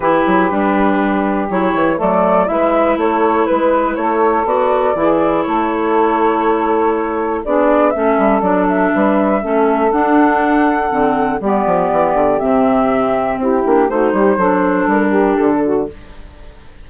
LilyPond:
<<
  \new Staff \with { instrumentName = "flute" } { \time 4/4 \tempo 4 = 121 b'2. cis''4 | d''4 e''4 cis''4 b'4 | cis''4 d''2 cis''4~ | cis''2. d''4 |
e''4 d''8 e''2~ e''8 | fis''2. d''4~ | d''4 e''2 g'4 | c''2 ais'4 a'4 | }
  \new Staff \with { instrumentName = "saxophone" } { \time 4/4 g'1 | a'4 b'4 a'4 b'4 | a'2 gis'4 a'4~ | a'2. gis'4 |
a'2 b'4 a'4~ | a'2. g'4~ | g'2. e'4 | fis'8 g'8 a'4. g'4 fis'8 | }
  \new Staff \with { instrumentName = "clarinet" } { \time 4/4 e'4 d'2 e'4 | a4 e'2.~ | e'4 fis'4 e'2~ | e'2. d'4 |
cis'4 d'2 cis'4 | d'2 c'4 b4~ | b4 c'2~ c'8 d'8 | dis'4 d'2. | }
  \new Staff \with { instrumentName = "bassoon" } { \time 4/4 e8 fis8 g2 fis8 e8 | fis4 gis4 a4 gis4 | a4 b4 e4 a4~ | a2. b4 |
a8 g8 fis4 g4 a4 | d'2 d4 g8 f8 | e8 d8 c2 c'8 ais8 | a8 g8 fis4 g4 d4 | }
>>